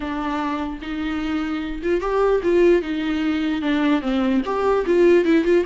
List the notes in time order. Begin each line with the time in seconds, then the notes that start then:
0.00 D4
0.81 D#4
1.82 F4
2.00 G4
2.43 F4
2.82 D#4
3.61 D4
4.01 C4
4.45 G4
4.85 F4
5.25 E4
5.44 F4